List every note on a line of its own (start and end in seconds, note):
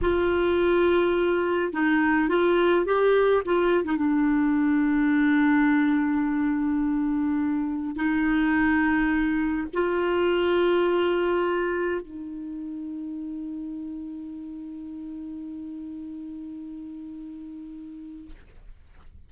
0.01 1.72 F4
1.72 2.29 D#4
2.29 2.85 F4
2.85 3.42 G4
3.45 3.84 F4
3.84 3.96 D#4
3.96 7.96 D4
7.96 9.67 D#4
9.73 12.01 F4
12.01 18.30 D#4